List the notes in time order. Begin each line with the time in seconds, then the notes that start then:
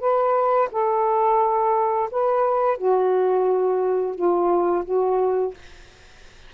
0.00 B4
0.71 A4
2.11 B4
2.78 F#4
4.15 F4
4.85 F#4